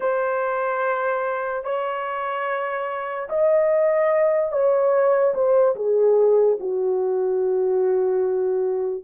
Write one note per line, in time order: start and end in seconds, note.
0.00 1.64 C5
1.64 3.28 C#5
3.29 4.52 D#5
4.52 5.34 C#5
5.34 5.75 C5
5.75 6.58 G#4
6.60 9.04 F#4